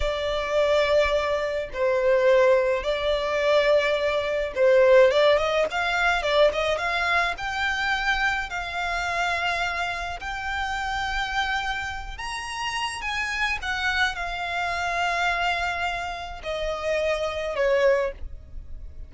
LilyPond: \new Staff \with { instrumentName = "violin" } { \time 4/4 \tempo 4 = 106 d''2. c''4~ | c''4 d''2. | c''4 d''8 dis''8 f''4 d''8 dis''8 | f''4 g''2 f''4~ |
f''2 g''2~ | g''4. ais''4. gis''4 | fis''4 f''2.~ | f''4 dis''2 cis''4 | }